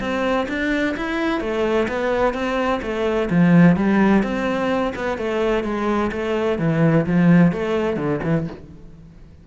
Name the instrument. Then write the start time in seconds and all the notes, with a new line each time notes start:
cello
0.00 C4
0.48 D4
0.96 E4
1.40 A3
1.88 B3
2.33 C4
2.82 A3
3.30 F3
3.76 G3
4.23 C4
4.95 B3
5.18 A3
5.64 G#3
6.11 A3
6.58 E3
7.06 F3
7.52 A3
7.96 D3
8.23 E3